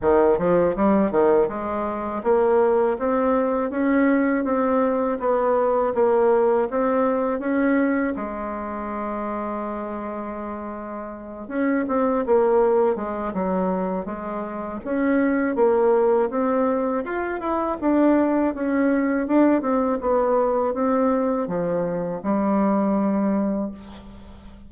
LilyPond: \new Staff \with { instrumentName = "bassoon" } { \time 4/4 \tempo 4 = 81 dis8 f8 g8 dis8 gis4 ais4 | c'4 cis'4 c'4 b4 | ais4 c'4 cis'4 gis4~ | gis2.~ gis8 cis'8 |
c'8 ais4 gis8 fis4 gis4 | cis'4 ais4 c'4 f'8 e'8 | d'4 cis'4 d'8 c'8 b4 | c'4 f4 g2 | }